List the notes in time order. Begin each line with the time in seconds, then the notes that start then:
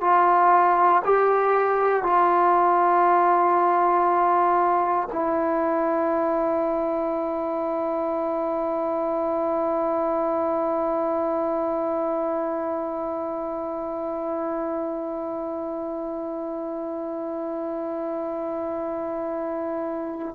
0.00 F4
1.04 G4
2.02 F4
5.12 E4